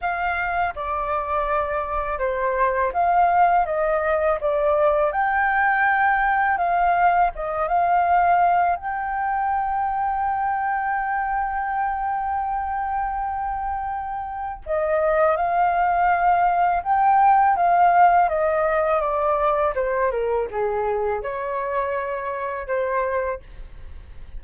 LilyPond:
\new Staff \with { instrumentName = "flute" } { \time 4/4 \tempo 4 = 82 f''4 d''2 c''4 | f''4 dis''4 d''4 g''4~ | g''4 f''4 dis''8 f''4. | g''1~ |
g''1 | dis''4 f''2 g''4 | f''4 dis''4 d''4 c''8 ais'8 | gis'4 cis''2 c''4 | }